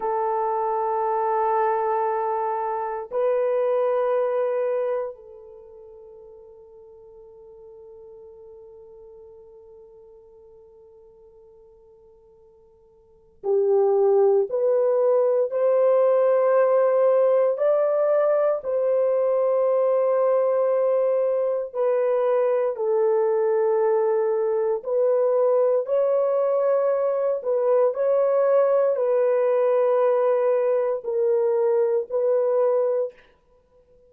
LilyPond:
\new Staff \with { instrumentName = "horn" } { \time 4/4 \tempo 4 = 58 a'2. b'4~ | b'4 a'2.~ | a'1~ | a'4 g'4 b'4 c''4~ |
c''4 d''4 c''2~ | c''4 b'4 a'2 | b'4 cis''4. b'8 cis''4 | b'2 ais'4 b'4 | }